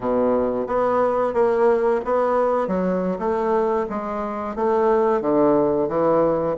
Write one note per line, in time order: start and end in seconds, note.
0.00 0.66 B2
0.66 1.33 B3
1.33 2.00 A#3
2.04 2.67 B3
2.67 3.18 F#3
3.19 3.86 A3
3.89 4.55 G#3
4.55 5.21 A3
5.21 5.88 D3
5.88 6.55 E3